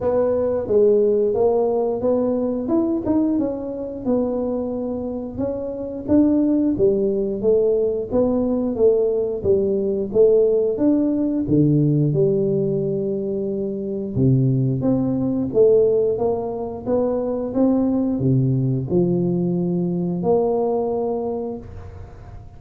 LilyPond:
\new Staff \with { instrumentName = "tuba" } { \time 4/4 \tempo 4 = 89 b4 gis4 ais4 b4 | e'8 dis'8 cis'4 b2 | cis'4 d'4 g4 a4 | b4 a4 g4 a4 |
d'4 d4 g2~ | g4 c4 c'4 a4 | ais4 b4 c'4 c4 | f2 ais2 | }